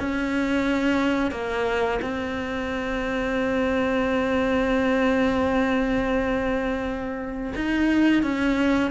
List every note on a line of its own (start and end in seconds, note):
0.00 1.31 C#4
1.31 2.00 A#3
2.02 7.54 C4
7.55 8.24 D#4
8.24 8.91 C#4